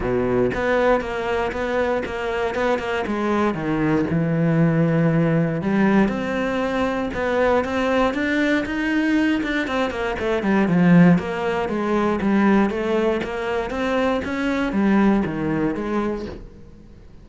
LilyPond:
\new Staff \with { instrumentName = "cello" } { \time 4/4 \tempo 4 = 118 b,4 b4 ais4 b4 | ais4 b8 ais8 gis4 dis4 | e2. g4 | c'2 b4 c'4 |
d'4 dis'4. d'8 c'8 ais8 | a8 g8 f4 ais4 gis4 | g4 a4 ais4 c'4 | cis'4 g4 dis4 gis4 | }